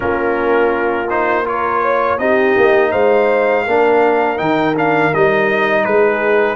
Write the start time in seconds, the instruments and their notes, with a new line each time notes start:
0.00 tuba A#3, trombone C#4, horn F4, trumpet A#4
1.09 trombone D#4, trumpet C5
1.44 trombone F4, horn A#4, trumpet C#5
1.82 horn C#5
2.18 tuba C4, trombone D#4, horn G4, trumpet D#5
2.56 tuba A#3
2.91 tuba G#3, horn C5, trumpet F5
3.64 tuba A#3, trombone D4, horn A#4
4.37 tuba D#3, trombone D#4, trumpet G5
4.76 trombone D4, trumpet F5
5.13 tuba G3, trombone D#4, trumpet D#5
5.84 tuba G#3, horn G#4, trumpet B4